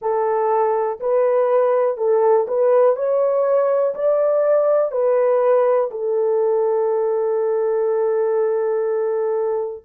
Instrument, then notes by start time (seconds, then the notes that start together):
horn
0.01 A4
1.00 B4
1.97 A4
2.47 B4
2.96 C#5
3.94 D5
4.91 B4
5.90 A4